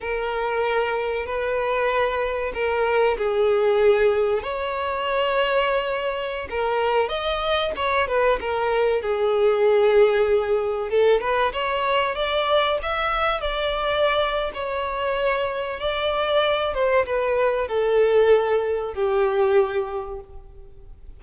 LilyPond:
\new Staff \with { instrumentName = "violin" } { \time 4/4 \tempo 4 = 95 ais'2 b'2 | ais'4 gis'2 cis''4~ | cis''2~ cis''16 ais'4 dis''8.~ | dis''16 cis''8 b'8 ais'4 gis'4.~ gis'16~ |
gis'4~ gis'16 a'8 b'8 cis''4 d''8.~ | d''16 e''4 d''4.~ d''16 cis''4~ | cis''4 d''4. c''8 b'4 | a'2 g'2 | }